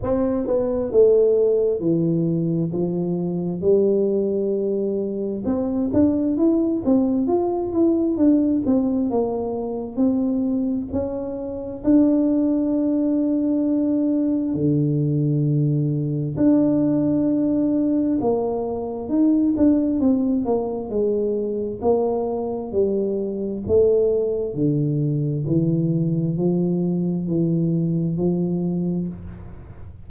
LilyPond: \new Staff \with { instrumentName = "tuba" } { \time 4/4 \tempo 4 = 66 c'8 b8 a4 e4 f4 | g2 c'8 d'8 e'8 c'8 | f'8 e'8 d'8 c'8 ais4 c'4 | cis'4 d'2. |
d2 d'2 | ais4 dis'8 d'8 c'8 ais8 gis4 | ais4 g4 a4 d4 | e4 f4 e4 f4 | }